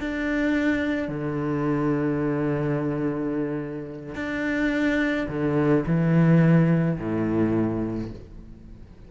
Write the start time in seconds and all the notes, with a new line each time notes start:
0.00 D4
1.08 D3
4.15 D4
5.28 D3
5.86 E3
6.98 A2